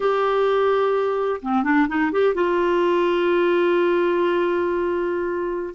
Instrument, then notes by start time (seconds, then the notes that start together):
clarinet
0.00 G4
1.41 C4
1.63 D4
1.88 D#4
2.11 G4
2.34 F4